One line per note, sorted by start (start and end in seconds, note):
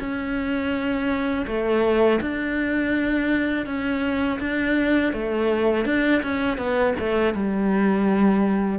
0.00 1.46 C#4
1.47 2.21 A3
2.21 3.67 D4
3.67 4.40 C#4
4.40 5.14 D4
5.14 5.86 A3
5.86 6.23 D4
6.23 6.58 C#4
6.58 6.95 B3
7.00 7.34 A3
7.34 8.80 G3